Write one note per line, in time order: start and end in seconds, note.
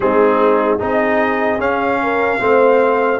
0.00 0.80 G#3
0.00 0.79 C4
0.00 0.79 D#4
0.00 0.78 G#4
0.79 1.58 C4
0.79 1.59 D#4
0.79 1.99 G#4
0.79 1.60 D#5
1.58 2.38 C#4
1.58 2.39 C#4
1.58 3.20 F5
2.02 2.40 A#4
2.39 3.20 A3
2.39 3.19 C4
2.39 3.20 C5